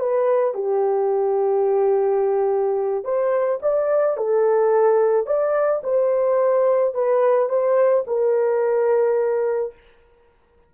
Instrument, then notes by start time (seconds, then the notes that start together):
horn
0.00 B4
0.55 G4
3.05 C5
3.63 D5
4.18 A4
5.27 D5
5.84 C5
6.95 B4
7.49 C5
8.08 A#4